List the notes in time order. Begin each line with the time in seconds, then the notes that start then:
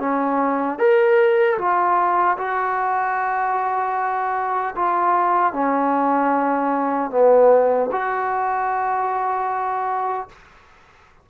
0.00 C#4
0.79 A#4
1.59 F4
2.38 F#4
4.75 F4
5.53 C#4
7.11 B3
7.92 F#4